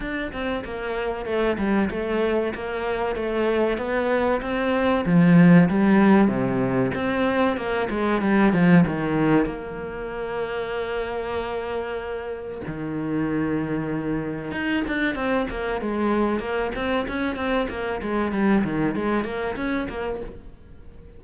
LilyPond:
\new Staff \with { instrumentName = "cello" } { \time 4/4 \tempo 4 = 95 d'8 c'8 ais4 a8 g8 a4 | ais4 a4 b4 c'4 | f4 g4 c4 c'4 | ais8 gis8 g8 f8 dis4 ais4~ |
ais1 | dis2. dis'8 d'8 | c'8 ais8 gis4 ais8 c'8 cis'8 c'8 | ais8 gis8 g8 dis8 gis8 ais8 cis'8 ais8 | }